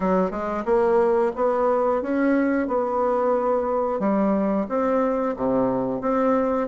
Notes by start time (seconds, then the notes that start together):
0.00 F#3
0.30 G#3
0.65 A#3
1.35 B3
2.02 C#4
2.67 B3
3.99 G3
4.68 C4
5.36 C3
6.01 C4